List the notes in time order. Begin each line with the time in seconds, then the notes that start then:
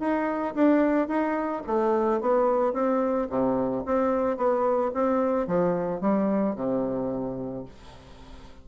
0.00 D#4
0.55 D4
1.08 D#4
1.67 A3
2.21 B3
2.74 C4
3.30 C3
3.86 C4
4.37 B3
4.94 C4
5.48 F3
6.01 G3
6.56 C3